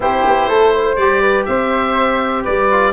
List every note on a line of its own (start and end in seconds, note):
0.00 0.24 C4
0.00 0.97 E4
0.00 0.48 G4
0.00 0.95 C5
0.24 0.48 B3
0.48 0.97 A3
0.48 0.72 A4
0.73 1.21 C5
0.95 1.45 G3
0.95 2.71 G4
0.95 1.44 D5
1.21 1.45 B4
1.45 2.45 C4
1.45 2.43 C5
1.45 2.43 E5
2.43 2.92 G3
2.43 2.92 B4
2.43 2.92 D5
2.71 2.92 F4